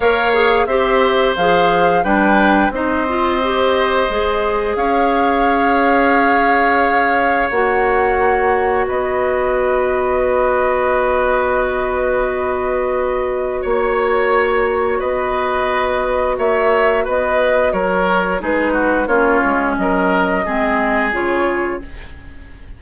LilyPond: <<
  \new Staff \with { instrumentName = "flute" } { \time 4/4 \tempo 4 = 88 f''4 e''4 f''4 g''4 | dis''2. f''4~ | f''2. fis''4~ | fis''4 dis''2.~ |
dis''1 | cis''2 dis''2 | e''4 dis''4 cis''4 b'4 | cis''4 dis''2 cis''4 | }
  \new Staff \with { instrumentName = "oboe" } { \time 4/4 cis''4 c''2 b'4 | c''2. cis''4~ | cis''1~ | cis''4 b'2.~ |
b'1 | cis''2 b'2 | cis''4 b'4 ais'4 gis'8 fis'8 | f'4 ais'4 gis'2 | }
  \new Staff \with { instrumentName = "clarinet" } { \time 4/4 ais'8 gis'8 g'4 gis'4 d'4 | dis'8 f'8 g'4 gis'2~ | gis'2. fis'4~ | fis'1~ |
fis'1~ | fis'1~ | fis'2. dis'4 | cis'2 c'4 f'4 | }
  \new Staff \with { instrumentName = "bassoon" } { \time 4/4 ais4 c'4 f4 g4 | c'2 gis4 cis'4~ | cis'2. ais4~ | ais4 b2.~ |
b1 | ais2 b2 | ais4 b4 fis4 gis4 | ais8 gis8 fis4 gis4 cis4 | }
>>